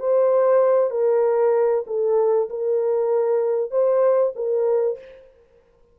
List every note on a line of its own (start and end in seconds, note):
0.00 0.91 C5
0.91 1.85 A#4
1.87 2.50 A4
2.50 3.71 A#4
3.71 4.34 C5
4.36 4.99 A#4